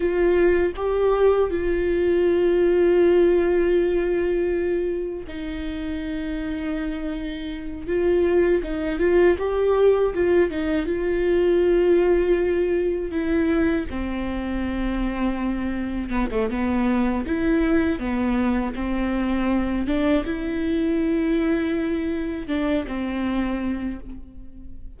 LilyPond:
\new Staff \with { instrumentName = "viola" } { \time 4/4 \tempo 4 = 80 f'4 g'4 f'2~ | f'2. dis'4~ | dis'2~ dis'8 f'4 dis'8 | f'8 g'4 f'8 dis'8 f'4.~ |
f'4. e'4 c'4.~ | c'4. b16 a16 b4 e'4 | b4 c'4. d'8 e'4~ | e'2 d'8 c'4. | }